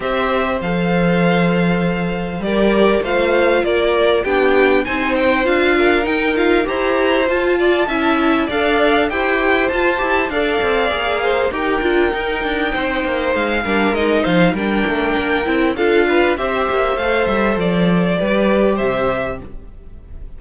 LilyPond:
<<
  \new Staff \with { instrumentName = "violin" } { \time 4/4 \tempo 4 = 99 e''4 f''2. | d''4 f''4 d''4 g''4 | gis''8 g''8 f''4 g''8 f''8 ais''4 | a''2 f''4 g''4 |
a''4 f''2 g''4~ | g''2 f''4 dis''8 f''8 | g''2 f''4 e''4 | f''8 e''8 d''2 e''4 | }
  \new Staff \with { instrumentName = "violin" } { \time 4/4 c''1 | ais'4 c''4 ais'4 g'4 | c''4. ais'4. c''4~ | c''8 d''8 e''4 d''4 c''4~ |
c''4 d''4. c''8 ais'4~ | ais'4 c''4. ais'4 c''8 | ais'2 a'8 b'8 c''4~ | c''2 b'4 c''4 | }
  \new Staff \with { instrumentName = "viola" } { \time 4/4 g'4 a'2. | g'4 f'2 d'4 | dis'4 f'4 dis'8 f'8 g'4 | f'4 e'4 a'4 g'4 |
f'8 g'8 a'4 gis'4 g'8 f'8 | dis'2~ dis'8 d'8 dis'4 | d'4. e'8 f'4 g'4 | a'2 g'2 | }
  \new Staff \with { instrumentName = "cello" } { \time 4/4 c'4 f2. | g4 a4 ais4 b4 | c'4 d'4 dis'4 e'4 | f'4 cis'4 d'4 e'4 |
f'8 e'8 d'8 c'8 ais4 dis'8 d'8 | dis'8 d'8 c'8 ais8 gis8 g8 gis8 f8 | g8 a8 ais8 c'8 d'4 c'8 ais8 | a8 g8 f4 g4 c4 | }
>>